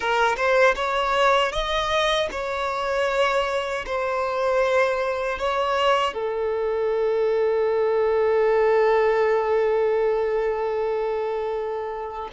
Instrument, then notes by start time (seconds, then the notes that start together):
violin
0.00 A#4
0.36 C5
0.75 C#5
1.52 D#5
2.31 C#5
3.85 C5
5.38 C#5
6.13 A4